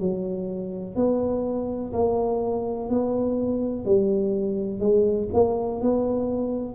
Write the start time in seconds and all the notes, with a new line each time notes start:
0.00 F#3
0.96 B3
1.93 A#3
2.89 B3
3.85 G3
4.80 G#3
5.34 A#3
5.82 B3